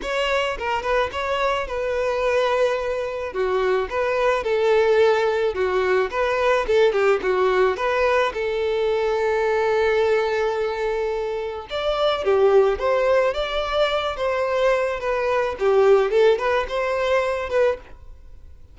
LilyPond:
\new Staff \with { instrumentName = "violin" } { \time 4/4 \tempo 4 = 108 cis''4 ais'8 b'8 cis''4 b'4~ | b'2 fis'4 b'4 | a'2 fis'4 b'4 | a'8 g'8 fis'4 b'4 a'4~ |
a'1~ | a'4 d''4 g'4 c''4 | d''4. c''4. b'4 | g'4 a'8 b'8 c''4. b'8 | }